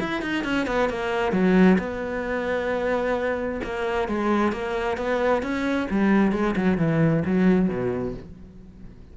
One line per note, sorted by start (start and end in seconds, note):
0.00 0.22 E4
0.22 0.45 D#4
0.45 0.67 C#4
0.67 0.89 B3
0.89 1.32 A#3
1.32 1.78 F#3
1.79 3.61 B3
3.64 4.08 A#3
4.08 4.52 G#3
4.52 4.98 A#3
4.98 5.43 B3
5.43 5.88 C#4
5.90 6.32 G3
6.32 6.55 G#3
6.56 6.78 F#3
6.78 7.24 E3
7.25 7.69 F#3
7.69 8.14 B2